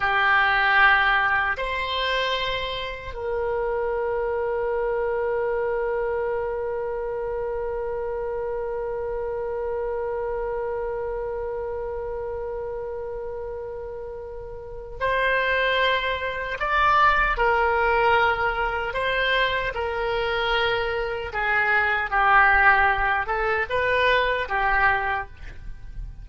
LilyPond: \new Staff \with { instrumentName = "oboe" } { \time 4/4 \tempo 4 = 76 g'2 c''2 | ais'1~ | ais'1~ | ais'1~ |
ais'2. c''4~ | c''4 d''4 ais'2 | c''4 ais'2 gis'4 | g'4. a'8 b'4 g'4 | }